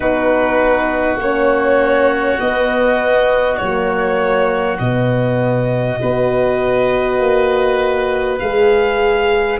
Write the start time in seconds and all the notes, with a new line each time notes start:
0.00 B3 D#4 F#4 B4
1.17 A#3 C#4 C#5
2.40 B3 D#5
3.57 F#3 A#3 C#5
4.79 B2 B3 D#5
6.00 B3 F#4 B4
7.19 A#3
8.38 G#3 G#4 F5